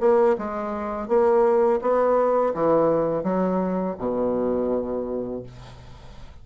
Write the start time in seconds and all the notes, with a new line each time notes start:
0.00 A#3
0.38 G#3
1.08 A#3
1.81 B3
2.54 E3
3.23 F#3
3.98 B2